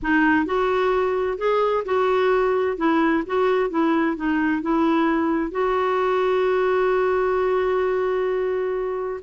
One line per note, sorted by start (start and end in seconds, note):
0.02 0.45 D#4
0.45 1.37 F#4
1.37 1.84 G#4
1.85 2.77 F#4
2.77 3.23 E4
3.26 3.70 F#4
3.70 4.16 E4
4.16 4.62 D#4
4.62 5.51 E4
5.51 9.20 F#4